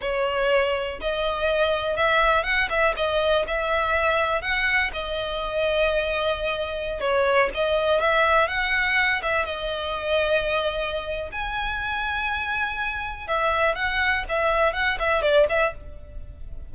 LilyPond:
\new Staff \with { instrumentName = "violin" } { \time 4/4 \tempo 4 = 122 cis''2 dis''2 | e''4 fis''8 e''8 dis''4 e''4~ | e''4 fis''4 dis''2~ | dis''2~ dis''16 cis''4 dis''8.~ |
dis''16 e''4 fis''4. e''8 dis''8.~ | dis''2. gis''4~ | gis''2. e''4 | fis''4 e''4 fis''8 e''8 d''8 e''8 | }